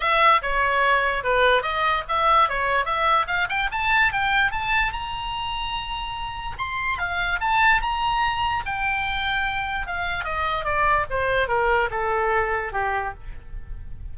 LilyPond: \new Staff \with { instrumentName = "oboe" } { \time 4/4 \tempo 4 = 146 e''4 cis''2 b'4 | dis''4 e''4 cis''4 e''4 | f''8 g''8 a''4 g''4 a''4 | ais''1 |
c'''4 f''4 a''4 ais''4~ | ais''4 g''2. | f''4 dis''4 d''4 c''4 | ais'4 a'2 g'4 | }